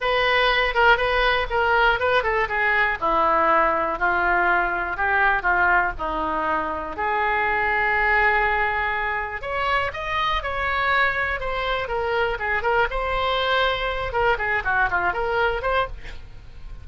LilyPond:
\new Staff \with { instrumentName = "oboe" } { \time 4/4 \tempo 4 = 121 b'4. ais'8 b'4 ais'4 | b'8 a'8 gis'4 e'2 | f'2 g'4 f'4 | dis'2 gis'2~ |
gis'2. cis''4 | dis''4 cis''2 c''4 | ais'4 gis'8 ais'8 c''2~ | c''8 ais'8 gis'8 fis'8 f'8 ais'4 c''8 | }